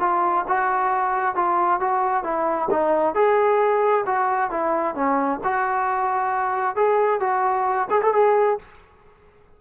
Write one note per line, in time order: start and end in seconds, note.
0.00 0.45 F4
0.48 1.36 F#4
1.36 1.80 F4
1.80 2.24 F#4
2.24 2.69 E4
2.71 3.15 D#4
3.15 4.05 G#4
4.06 4.51 F#4
4.51 4.95 E4
4.95 5.40 C#4
5.44 6.76 F#4
6.76 7.21 G#4
7.21 7.88 F#4
7.90 8.02 G#4
8.02 8.14 A4
8.14 8.59 G#4